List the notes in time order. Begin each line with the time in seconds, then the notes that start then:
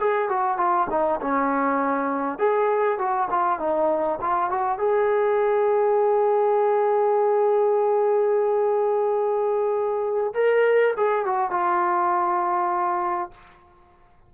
0.00 G#4
0.29 F#4
0.57 F4
0.90 D#4
1.21 C#4
2.38 G#4
2.98 F#4
3.30 F4
3.59 D#4
4.21 F4
4.50 F#4
4.79 G#4
10.34 A#4
10.97 G#4
11.26 F#4
11.51 F4